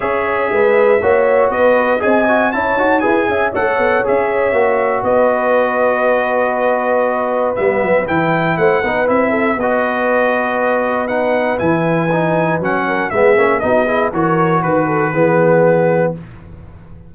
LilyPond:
<<
  \new Staff \with { instrumentName = "trumpet" } { \time 4/4 \tempo 4 = 119 e''2. dis''4 | gis''4 a''4 gis''4 fis''4 | e''2 dis''2~ | dis''2. e''4 |
g''4 fis''4 e''4 dis''4~ | dis''2 fis''4 gis''4~ | gis''4 fis''4 e''4 dis''4 | cis''4 b'2. | }
  \new Staff \with { instrumentName = "horn" } { \time 4/4 cis''4 b'4 cis''4 b'4 | dis''4 cis''4 b'8 e''8 cis''4~ | cis''2 b'2~ | b'1~ |
b'4 c''8 b'4 a'8 b'4~ | b'1~ | b'4. ais'8 gis'4 fis'8 gis'8 | ais'4 b'8 a'8 gis'2 | }
  \new Staff \with { instrumentName = "trombone" } { \time 4/4 gis'2 fis'2 | gis'8 fis'8 e'8 fis'8 gis'4 a'4 | gis'4 fis'2.~ | fis'2. b4 |
e'4. dis'8 e'4 fis'4~ | fis'2 dis'4 e'4 | dis'4 cis'4 b8 cis'8 dis'8 e'8 | fis'2 b2 | }
  \new Staff \with { instrumentName = "tuba" } { \time 4/4 cis'4 gis4 ais4 b4 | c'4 cis'8 dis'8 e'8 cis'8 a8 b8 | cis'4 ais4 b2~ | b2. g8 fis8 |
e4 a8 b8 c'4 b4~ | b2. e4~ | e4 fis4 gis8 ais8 b4 | e4 dis4 e2 | }
>>